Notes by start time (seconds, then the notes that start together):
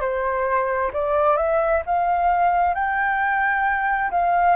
0.00 C5
0.93 D5
1.36 E5
1.86 F5
2.74 G5
4.10 F5